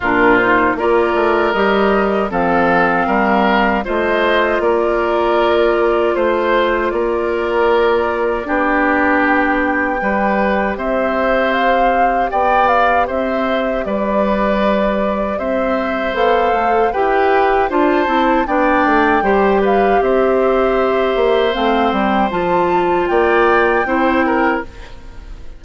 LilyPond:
<<
  \new Staff \with { instrumentName = "flute" } { \time 4/4 \tempo 4 = 78 ais'8 c''8 d''4 dis''4 f''4~ | f''4 dis''4 d''2 | c''4 d''2. | g''2 e''4 f''4 |
g''8 f''8 e''4 d''2 | e''4 f''4 g''4 a''4 | g''4. f''8 e''2 | f''8 g''8 a''4 g''2 | }
  \new Staff \with { instrumentName = "oboe" } { \time 4/4 f'4 ais'2 a'4 | ais'4 c''4 ais'2 | c''4 ais'2 g'4~ | g'4 b'4 c''2 |
d''4 c''4 b'2 | c''2 b'4 c''4 | d''4 c''8 b'8 c''2~ | c''2 d''4 c''8 ais'8 | }
  \new Staff \with { instrumentName = "clarinet" } { \time 4/4 d'8 dis'8 f'4 g'4 c'4~ | c'4 f'2.~ | f'2. d'4~ | d'4 g'2.~ |
g'1~ | g'4 a'4 g'4 f'8 e'8 | d'4 g'2. | c'4 f'2 e'4 | }
  \new Staff \with { instrumentName = "bassoon" } { \time 4/4 ais,4 ais8 a8 g4 f4 | g4 a4 ais2 | a4 ais2 b4~ | b4 g4 c'2 |
b4 c'4 g2 | c'4 b8 a8 e'4 d'8 c'8 | b8 a8 g4 c'4. ais8 | a8 g8 f4 ais4 c'4 | }
>>